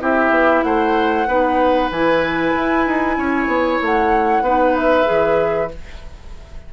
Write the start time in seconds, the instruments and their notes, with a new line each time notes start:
0.00 bassoon C4, clarinet E4, oboe G4, flute E5
0.30 bassoon B3
0.63 bassoon A3, oboe C5, flute F#5
1.27 bassoon B3, clarinet D#4, oboe B4
1.91 bassoon E3, clarinet E4, flute G#5
2.55 bassoon E4
2.86 bassoon D#4
3.17 bassoon C#4, oboe C#5
3.47 bassoon B3
3.81 bassoon A3, flute F#5
4.41 bassoon B3, clarinet D#4, oboe B4
4.76 flute E5
5.05 bassoon E3, clarinet G#4